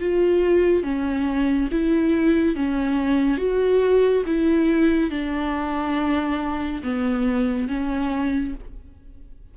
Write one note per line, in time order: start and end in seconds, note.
0.00 0.83 F4
0.83 1.69 C#4
1.72 2.56 E4
2.56 3.38 C#4
3.38 4.24 F#4
4.27 5.11 E4
5.11 6.82 D4
6.84 7.68 B3
7.68 8.54 C#4